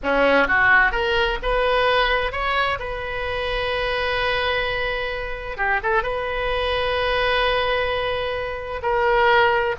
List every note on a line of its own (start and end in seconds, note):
0.03 0.47 C#4
0.47 0.91 F#4
0.91 1.38 A#4
1.42 2.32 B4
2.32 2.78 C#5
2.79 5.57 B4
5.57 5.80 G4
5.82 6.02 A4
6.02 8.81 B4
8.82 9.75 A#4